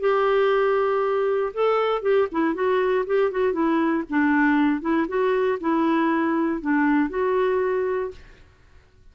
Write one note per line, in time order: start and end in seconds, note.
0.00 1.53 G4
1.54 2.02 A4
2.02 2.28 G4
2.32 2.54 E4
2.54 3.05 F#4
3.06 3.31 G4
3.31 3.53 F#4
3.53 4.04 E4
4.10 4.81 D4
4.81 5.07 E4
5.08 5.59 F#4
5.60 6.61 E4
6.61 7.10 D4
7.10 8.11 F#4